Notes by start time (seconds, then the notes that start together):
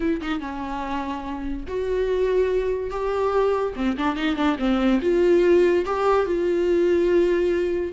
0.00 E4
0.21 D#4
0.40 C#4
1.67 F#4
2.90 G4
3.76 C4
3.97 D4
4.16 D#4
4.35 D4
4.59 C4
5.01 F4
5.85 G4
6.26 F4